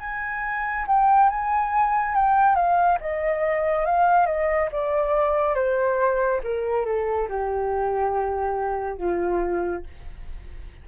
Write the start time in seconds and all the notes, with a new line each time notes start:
0.00 G#5
0.87 G5
1.30 G#5
2.15 G5
2.56 F5
3.01 D#5
3.86 F5
4.26 D#5
4.72 D5
5.55 C5
6.44 A#4
6.86 A4
7.29 G4
8.98 F4